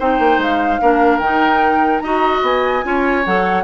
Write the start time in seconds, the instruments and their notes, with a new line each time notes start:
0.00 bassoon C4, clarinet D#4, oboe C5, flute G5
0.19 bassoon A#3
0.38 bassoon G#3, flute F5
0.81 bassoon A#3, clarinet D4, oboe A#4
1.19 bassoon D#3, clarinet D#4, flute G5
2.00 bassoon D#4, clarinet F#4, oboe D#5, flute A#5
2.42 bassoon B3, flute G#5
2.84 bassoon C#4, clarinet F4, oboe C#5
3.26 bassoon F#3, clarinet A4, flute F#5